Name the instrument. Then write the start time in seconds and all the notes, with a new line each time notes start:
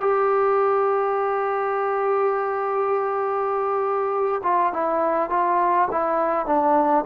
trombone
0.00 G4
4.43 F4
4.72 E4
5.29 F4
5.90 E4
6.45 D4